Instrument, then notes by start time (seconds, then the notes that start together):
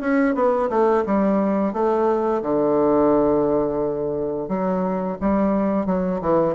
bassoon
0.00 C#4
0.34 B3
0.69 A3
1.05 G3
1.73 A3
2.42 D3
4.48 F#3
5.20 G3
5.86 F#3
6.21 E3